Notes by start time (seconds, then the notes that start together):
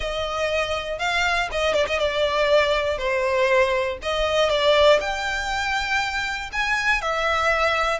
0.00 D#5
0.99 F5
1.51 D#5
1.74 D5
1.87 D#5
1.99 D5
2.98 C5
4.02 D#5
4.49 D5
5.00 G5
6.52 G#5
7.01 E5